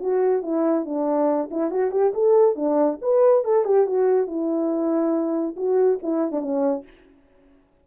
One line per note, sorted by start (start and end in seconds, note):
0.00 0.42 F#4
0.42 0.85 E4
0.85 1.50 D4
1.51 1.71 E4
1.71 1.91 F#4
1.91 2.13 G4
2.14 2.56 A4
2.56 2.99 D4
3.02 3.44 B4
3.44 3.65 A4
3.65 3.86 G4
3.86 4.27 F#4
4.27 5.55 E4
5.56 5.99 F#4
6.02 6.32 E4
6.32 6.41 D4
6.41 6.84 C#4